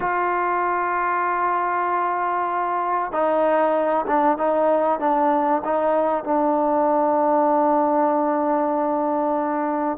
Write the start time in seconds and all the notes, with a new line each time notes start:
0.00 F4
3.12 D#4
4.07 D4
4.37 D#4
4.99 D4
5.64 D#4
6.23 D4